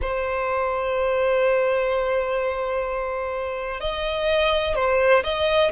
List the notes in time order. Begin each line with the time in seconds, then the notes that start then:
0.01 C5
3.80 D#5
4.75 C5
5.23 D#5